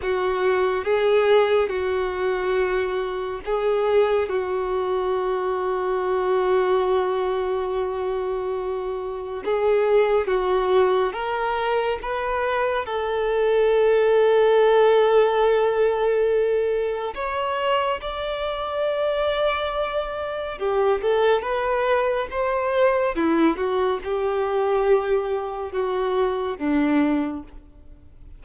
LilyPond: \new Staff \with { instrumentName = "violin" } { \time 4/4 \tempo 4 = 70 fis'4 gis'4 fis'2 | gis'4 fis'2.~ | fis'2. gis'4 | fis'4 ais'4 b'4 a'4~ |
a'1 | cis''4 d''2. | g'8 a'8 b'4 c''4 e'8 fis'8 | g'2 fis'4 d'4 | }